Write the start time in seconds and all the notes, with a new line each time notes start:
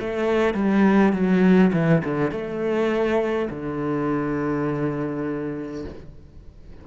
0.00 A3
0.54 G3
1.13 F#3
1.73 E3
2.04 D3
2.31 A3
3.50 D3